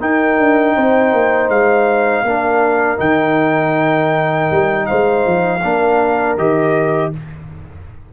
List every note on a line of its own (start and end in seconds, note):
0.00 2.25 D#4
0.00 0.38 D#4
0.00 0.75 A#4
0.00 1.50 G5
0.38 0.76 D4
0.75 1.12 C4
0.75 2.25 C5
1.12 1.49 A#3
1.49 2.23 G#3
1.49 3.00 F5
2.23 2.98 A#3
2.23 2.97 D4
2.23 4.88 A#4
2.97 4.50 D#3
2.97 5.60 D#4
2.97 4.86 G5
4.51 4.88 G3
4.86 5.26 G#3
4.86 5.62 C5
4.86 6.36 F5
5.26 5.63 F3
5.62 6.37 A#3
5.62 6.38 D4
5.62 7.12 A#4
6.37 7.12 D#3
6.37 7.13 G4
6.37 7.12 D#5